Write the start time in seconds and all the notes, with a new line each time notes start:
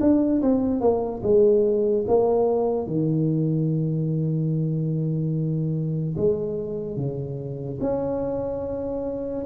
0.00 D4
0.42 C4
0.80 A#3
1.23 G#3
2.07 A#3
2.87 D#3
6.16 G#3
6.96 C#3
7.81 C#4